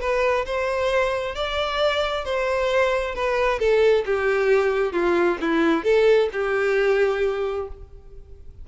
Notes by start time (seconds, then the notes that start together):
0.00 B4
0.45 C5
1.35 D5
2.24 C5
3.15 B4
3.59 A4
4.05 G4
4.92 F4
5.40 E4
5.84 A4
6.32 G4